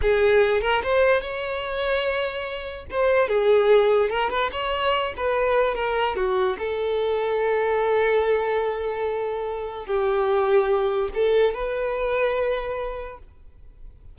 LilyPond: \new Staff \with { instrumentName = "violin" } { \time 4/4 \tempo 4 = 146 gis'4. ais'8 c''4 cis''4~ | cis''2. c''4 | gis'2 ais'8 b'8 cis''4~ | cis''8 b'4. ais'4 fis'4 |
a'1~ | a'1 | g'2. a'4 | b'1 | }